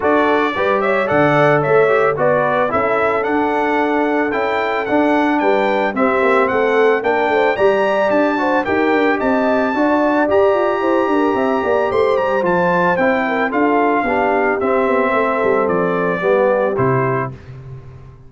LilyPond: <<
  \new Staff \with { instrumentName = "trumpet" } { \time 4/4 \tempo 4 = 111 d''4. e''8 fis''4 e''4 | d''4 e''4 fis''2 | g''4 fis''4 g''4 e''4 | fis''4 g''4 ais''4 a''4 |
g''4 a''2 ais''4~ | ais''2 c'''8 ais''8 a''4 | g''4 f''2 e''4~ | e''4 d''2 c''4 | }
  \new Staff \with { instrumentName = "horn" } { \time 4/4 a'4 b'8 cis''8 d''4 cis''4 | b'4 a'2.~ | a'2 b'4 g'4 | a'4 ais'8 c''8 d''4. c''8 |
ais'4 dis''4 d''2 | c''8 ais'8 e''8 d''8 c''2~ | c''8 ais'8 a'4 g'2 | a'2 g'2 | }
  \new Staff \with { instrumentName = "trombone" } { \time 4/4 fis'4 g'4 a'4. g'8 | fis'4 e'4 d'2 | e'4 d'2 c'4~ | c'4 d'4 g'4. fis'8 |
g'2 fis'4 g'4~ | g'2. f'4 | e'4 f'4 d'4 c'4~ | c'2 b4 e'4 | }
  \new Staff \with { instrumentName = "tuba" } { \time 4/4 d'4 g4 d4 a4 | b4 cis'4 d'2 | cis'4 d'4 g4 c'8 ais8 | a4 ais8 a8 g4 d'4 |
dis'8 d'8 c'4 d'4 g'8 f'8 | e'8 d'8 c'8 ais8 a8 g8 f4 | c'4 d'4 b4 c'8 b8 | a8 g8 f4 g4 c4 | }
>>